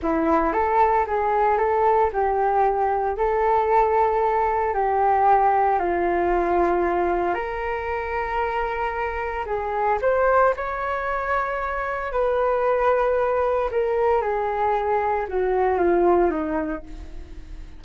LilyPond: \new Staff \with { instrumentName = "flute" } { \time 4/4 \tempo 4 = 114 e'4 a'4 gis'4 a'4 | g'2 a'2~ | a'4 g'2 f'4~ | f'2 ais'2~ |
ais'2 gis'4 c''4 | cis''2. b'4~ | b'2 ais'4 gis'4~ | gis'4 fis'4 f'4 dis'4 | }